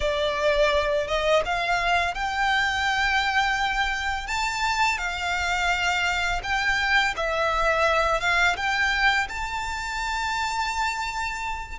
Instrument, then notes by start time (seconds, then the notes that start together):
violin
0.00 D5
1.07 D#5
1.45 F5
2.14 G5
4.27 A5
4.98 F5
6.43 G5
7.16 E5
8.20 F5
8.56 G5
9.29 A5